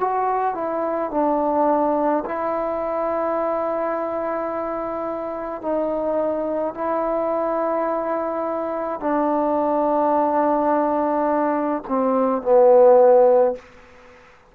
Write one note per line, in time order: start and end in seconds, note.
0.00 0.55 F#4
0.55 1.11 E4
1.11 2.24 D4
2.26 5.62 E4
5.62 6.75 D#4
6.75 9.00 E4
9.00 11.83 D4
11.88 12.42 C4
12.42 13.55 B3